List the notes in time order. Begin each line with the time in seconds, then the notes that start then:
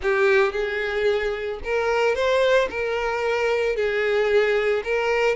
0.02 G4
0.52 G#4
1.64 A#4
2.15 C5
2.69 A#4
3.75 G#4
4.84 A#4